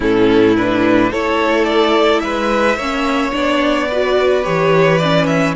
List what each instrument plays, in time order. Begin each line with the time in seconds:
0.00 cello A2, viola C#4, violin E4 A4
0.56 viola D4, violin B4
1.10 cello A3, viola E4, violin A4 C#5
1.64 violin D5
2.19 cello G#3, violin B4 E5
2.76 cello A#3, viola C#4, violin C#5
3.31 cello B3, viola D4, violin D5
3.88 viola F#4, violin B4
4.43 cello E3, viola G4, violin C#5
4.97 viola C#4, violin D5
5.26 violin E5